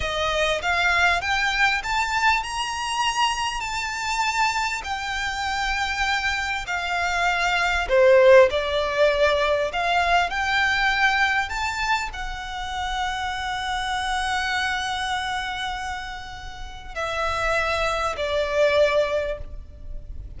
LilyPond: \new Staff \with { instrumentName = "violin" } { \time 4/4 \tempo 4 = 99 dis''4 f''4 g''4 a''4 | ais''2 a''2 | g''2. f''4~ | f''4 c''4 d''2 |
f''4 g''2 a''4 | fis''1~ | fis''1 | e''2 d''2 | }